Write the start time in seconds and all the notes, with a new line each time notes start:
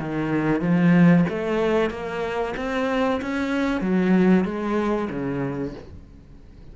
0.00 D#3
0.62 F3
1.30 A3
1.91 A#3
2.57 C4
3.22 C#4
3.82 F#3
4.45 G#3
5.11 C#3